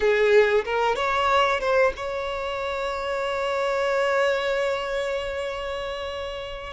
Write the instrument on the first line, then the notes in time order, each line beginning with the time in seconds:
violin
0.00 G#4
0.65 A#4
0.95 C#5
1.60 C5
1.96 C#5